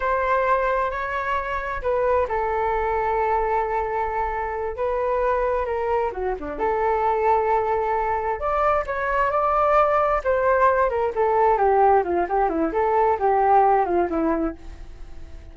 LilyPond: \new Staff \with { instrumentName = "flute" } { \time 4/4 \tempo 4 = 132 c''2 cis''2 | b'4 a'2.~ | a'2~ a'8 b'4.~ | b'8 ais'4 fis'8 d'8 a'4.~ |
a'2~ a'8 d''4 cis''8~ | cis''8 d''2 c''4. | ais'8 a'4 g'4 f'8 g'8 e'8 | a'4 g'4. f'8 e'4 | }